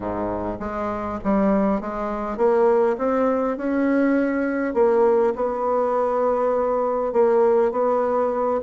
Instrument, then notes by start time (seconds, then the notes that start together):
bassoon
0.00 G#2
0.59 G#3
1.23 G3
1.80 G#3
2.37 A#3
2.97 C4
3.57 C#4
4.74 A#3
5.35 B3
7.12 A#3
7.71 B3